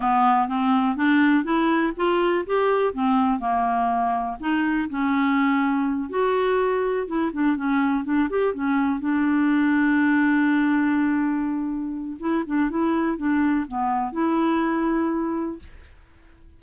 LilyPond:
\new Staff \with { instrumentName = "clarinet" } { \time 4/4 \tempo 4 = 123 b4 c'4 d'4 e'4 | f'4 g'4 c'4 ais4~ | ais4 dis'4 cis'2~ | cis'8 fis'2 e'8 d'8 cis'8~ |
cis'8 d'8 g'8 cis'4 d'4.~ | d'1~ | d'4 e'8 d'8 e'4 d'4 | b4 e'2. | }